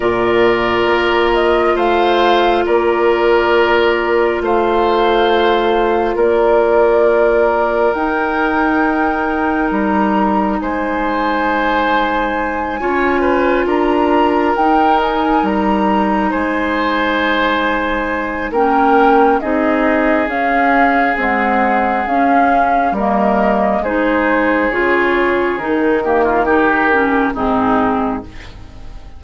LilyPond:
<<
  \new Staff \with { instrumentName = "flute" } { \time 4/4 \tempo 4 = 68 d''4. dis''8 f''4 d''4~ | d''4 f''2 d''4~ | d''4 g''2 ais''4 | gis''2.~ gis''8 ais''8~ |
ais''8 g''8 gis''8 ais''4 gis''4.~ | gis''4 g''4 dis''4 f''4 | fis''4 f''4 dis''4 c''4 | cis''4 ais'2 gis'4 | }
  \new Staff \with { instrumentName = "oboe" } { \time 4/4 ais'2 c''4 ais'4~ | ais'4 c''2 ais'4~ | ais'1 | c''2~ c''8 cis''8 b'8 ais'8~ |
ais'2~ ais'8 c''4.~ | c''4 ais'4 gis'2~ | gis'2 ais'4 gis'4~ | gis'4. g'16 f'16 g'4 dis'4 | }
  \new Staff \with { instrumentName = "clarinet" } { \time 4/4 f'1~ | f'1~ | f'4 dis'2.~ | dis'2~ dis'8 f'4.~ |
f'8 dis'2.~ dis'8~ | dis'4 cis'4 dis'4 cis'4 | gis4 cis'4 ais4 dis'4 | f'4 dis'8 ais8 dis'8 cis'8 c'4 | }
  \new Staff \with { instrumentName = "bassoon" } { \time 4/4 ais,4 ais4 a4 ais4~ | ais4 a2 ais4~ | ais4 dis'2 g4 | gis2~ gis8 cis'4 d'8~ |
d'8 dis'4 g4 gis4.~ | gis4 ais4 c'4 cis'4 | c'4 cis'4 g4 gis4 | cis4 dis2 gis,4 | }
>>